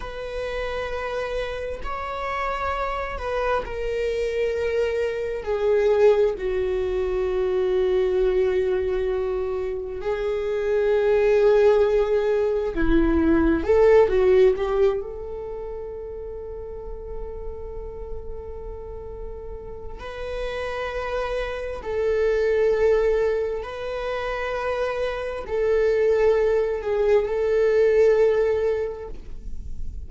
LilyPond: \new Staff \with { instrumentName = "viola" } { \time 4/4 \tempo 4 = 66 b'2 cis''4. b'8 | ais'2 gis'4 fis'4~ | fis'2. gis'4~ | gis'2 e'4 a'8 fis'8 |
g'8 a'2.~ a'8~ | a'2 b'2 | a'2 b'2 | a'4. gis'8 a'2 | }